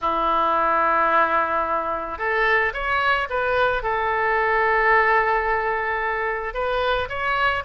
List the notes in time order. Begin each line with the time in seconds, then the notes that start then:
0.01 E4
2.18 A4
2.73 C#5
3.29 B4
3.82 A4
6.54 B4
7.09 C#5